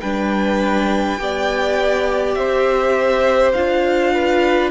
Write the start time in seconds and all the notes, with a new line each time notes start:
0.00 G3 D4 B4 G5
1.18 B3 G4 D5
2.34 C4 C5 E5
3.52 D4 F4 F5
4.13 B4